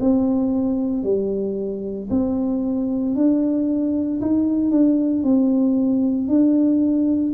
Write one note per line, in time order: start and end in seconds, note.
0.00 1.03 C4
1.03 2.09 G3
2.10 3.15 C4
3.15 4.20 D4
4.21 4.71 D#4
4.71 5.23 D4
5.23 6.28 C4
6.28 7.33 D4